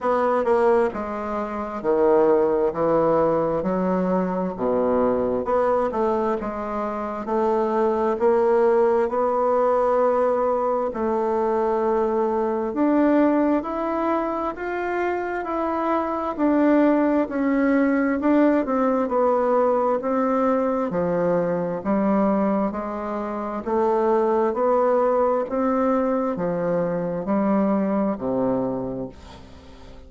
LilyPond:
\new Staff \with { instrumentName = "bassoon" } { \time 4/4 \tempo 4 = 66 b8 ais8 gis4 dis4 e4 | fis4 b,4 b8 a8 gis4 | a4 ais4 b2 | a2 d'4 e'4 |
f'4 e'4 d'4 cis'4 | d'8 c'8 b4 c'4 f4 | g4 gis4 a4 b4 | c'4 f4 g4 c4 | }